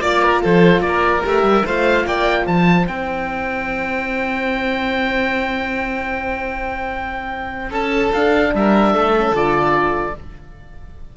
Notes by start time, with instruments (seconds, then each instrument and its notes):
0.00 cello A#3, horn F4, oboe D5, violin D5
0.22 violin A#4
0.41 cello F3, violin A4, oboe C5
0.80 cello A#3, oboe D5
0.88 violin A#4
1.23 cello A3, horn G4, oboe E5
1.42 cello G3
1.65 cello A3, horn F4, violin C5, oboe F5
2.05 cello A#3, violin D5, oboe G5
2.44 cello F3, violin C5, oboe A5
2.87 cello C4, horn E4, oboe G5
7.70 cello C#4, violin A4, oboe A5
8.13 cello D4, horn D4, oboe F5
8.54 cello G3, violin A#4, oboe E5
8.92 cello A3, violin A4
9.17 horn C#4
9.31 cello D3, horn F4, oboe D5